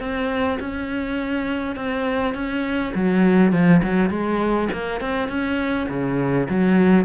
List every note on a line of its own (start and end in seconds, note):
0.00 0.59 C4
0.60 1.76 C#4
1.76 2.34 C4
2.34 2.93 C#4
2.94 3.52 F#3
3.52 3.82 F3
3.83 4.10 F#3
4.10 4.68 G#3
4.72 5.01 A#3
5.01 5.29 C4
5.29 5.87 C#4
5.89 6.48 C#3
6.49 7.05 F#3